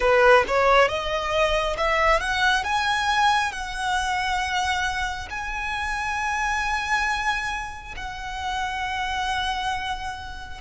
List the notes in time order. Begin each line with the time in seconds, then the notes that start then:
0.00 B4
0.47 C#5
0.88 D#5
1.76 E5
2.20 F#5
2.64 G#5
3.51 F#5
5.29 G#5
7.96 F#5